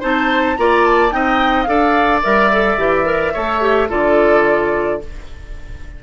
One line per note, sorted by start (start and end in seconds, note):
0.00 0.58 C4
0.00 0.57 D#4
0.00 0.56 C5
0.00 0.57 A5
0.57 1.13 A#3
0.57 1.11 F4
0.57 1.14 D5
0.57 0.85 A#5
0.85 1.12 A5
1.11 1.69 C4
1.11 1.66 D#4
1.11 1.69 D#5
1.11 1.63 G5
1.63 2.24 D4
1.63 2.23 A4
1.63 3.34 D5
1.63 2.19 F5
2.23 2.78 G3
2.23 2.51 A#4
2.23 3.90 E5
2.52 2.78 A4
2.78 3.33 E3
2.78 3.05 G4
3.05 3.33 A#4
3.34 3.92 A3
3.34 3.61 A4
3.34 3.89 C#5
3.61 3.89 G4
3.89 5.03 D3
3.89 5.01 F4
3.89 5.01 A4
3.89 5.02 D5